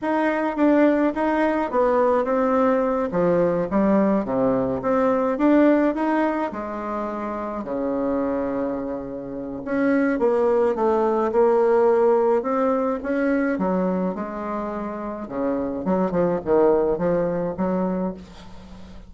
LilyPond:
\new Staff \with { instrumentName = "bassoon" } { \time 4/4 \tempo 4 = 106 dis'4 d'4 dis'4 b4 | c'4. f4 g4 c8~ | c8 c'4 d'4 dis'4 gis8~ | gis4. cis2~ cis8~ |
cis4 cis'4 ais4 a4 | ais2 c'4 cis'4 | fis4 gis2 cis4 | fis8 f8 dis4 f4 fis4 | }